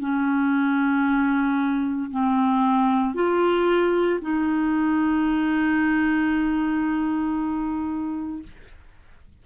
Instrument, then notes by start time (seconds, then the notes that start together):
clarinet
0.00 C#4
2.11 C4
3.14 F4
4.21 D#4